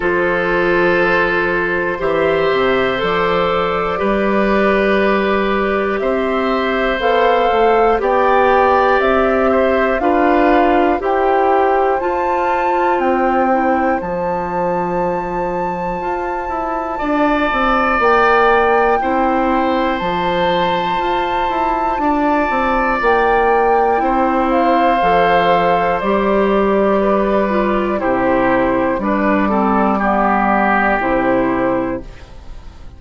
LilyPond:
<<
  \new Staff \with { instrumentName = "flute" } { \time 4/4 \tempo 4 = 60 c''2 e''4 d''4~ | d''2 e''4 f''4 | g''4 e''4 f''4 g''4 | a''4 g''4 a''2~ |
a''2 g''2 | a''2. g''4~ | g''8 f''4. d''2 | c''4 d''2 c''4 | }
  \new Staff \with { instrumentName = "oboe" } { \time 4/4 a'2 c''2 | b'2 c''2 | d''4. c''8 b'4 c''4~ | c''1~ |
c''4 d''2 c''4~ | c''2 d''2 | c''2. b'4 | g'4 b'8 a'8 g'2 | }
  \new Staff \with { instrumentName = "clarinet" } { \time 4/4 f'2 g'4 a'4 | g'2. a'4 | g'2 f'4 g'4 | f'4. e'8 f'2~ |
f'2. e'4 | f'1 | e'4 a'4 g'4. f'8 | e'4 d'8 c'8 b4 e'4 | }
  \new Staff \with { instrumentName = "bassoon" } { \time 4/4 f2 e8 c8 f4 | g2 c'4 b8 a8 | b4 c'4 d'4 e'4 | f'4 c'4 f2 |
f'8 e'8 d'8 c'8 ais4 c'4 | f4 f'8 e'8 d'8 c'8 ais4 | c'4 f4 g2 | c4 g2 c4 | }
>>